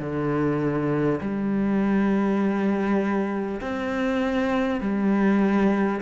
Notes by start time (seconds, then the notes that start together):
0.00 D3
1.21 G3
3.62 C4
4.81 G3